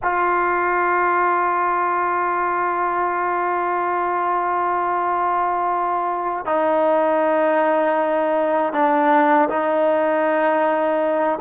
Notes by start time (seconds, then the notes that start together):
0.02 F4
6.45 D#4
8.73 D4
9.49 D#4